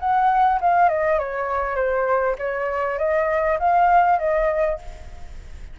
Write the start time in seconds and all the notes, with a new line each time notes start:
0.00 F#5
0.61 F5
0.89 D#5
1.19 C#5
1.76 C5
2.39 C#5
2.99 D#5
3.59 F5
4.19 D#5